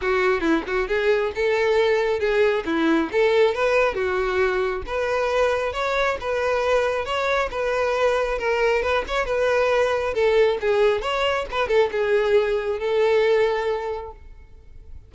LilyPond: \new Staff \with { instrumentName = "violin" } { \time 4/4 \tempo 4 = 136 fis'4 e'8 fis'8 gis'4 a'4~ | a'4 gis'4 e'4 a'4 | b'4 fis'2 b'4~ | b'4 cis''4 b'2 |
cis''4 b'2 ais'4 | b'8 cis''8 b'2 a'4 | gis'4 cis''4 b'8 a'8 gis'4~ | gis'4 a'2. | }